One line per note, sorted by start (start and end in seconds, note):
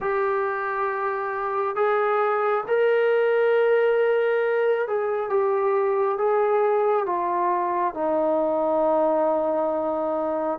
0.00 1.75 G4
1.75 2.64 G#4
2.67 4.87 A#4
4.87 5.29 G#4
5.29 6.18 G4
6.18 7.05 G#4
7.05 7.94 F4
7.94 10.58 D#4